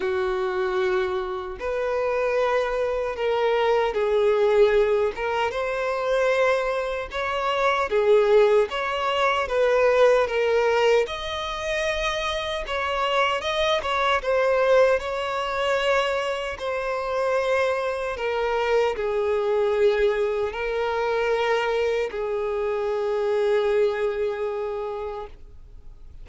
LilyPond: \new Staff \with { instrumentName = "violin" } { \time 4/4 \tempo 4 = 76 fis'2 b'2 | ais'4 gis'4. ais'8 c''4~ | c''4 cis''4 gis'4 cis''4 | b'4 ais'4 dis''2 |
cis''4 dis''8 cis''8 c''4 cis''4~ | cis''4 c''2 ais'4 | gis'2 ais'2 | gis'1 | }